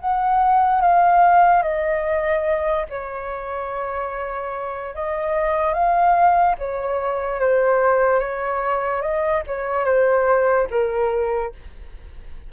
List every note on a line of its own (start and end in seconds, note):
0.00 0.81 F#5
0.81 1.63 F5
1.63 2.86 D#5
2.90 4.95 C#5
4.95 5.73 D#5
5.73 6.56 F5
6.59 7.40 C#5
7.40 8.20 C5
8.20 9.02 C#5
9.02 9.43 D#5
9.47 9.85 C#5
9.85 10.67 C5
10.70 11.53 A#4